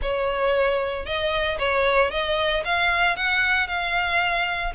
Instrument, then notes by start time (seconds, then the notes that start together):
violin
0.01 C#5
1.05 D#5
1.58 C#5
2.11 D#5
2.64 F5
3.16 F#5
3.67 F5